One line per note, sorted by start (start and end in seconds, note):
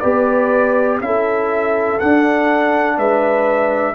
0.00 1.00 B3
0.00 1.01 G4
0.00 0.99 B4
0.00 0.98 D5
1.00 1.99 C#4
1.00 2.00 E4
1.00 2.98 A4
1.00 1.99 E5
2.00 3.94 D4
2.00 2.98 D4
2.00 2.98 F#5
2.98 3.94 G#3
2.98 3.94 B4
2.98 3.94 E5